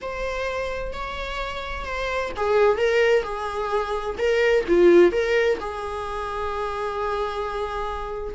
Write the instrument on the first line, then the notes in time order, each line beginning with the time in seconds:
viola
0.01 C5
0.92 C#5
1.85 C5
2.36 G#4
2.77 A#4
3.23 G#4
4.18 A#4
4.68 F4
5.12 A#4
5.60 G#4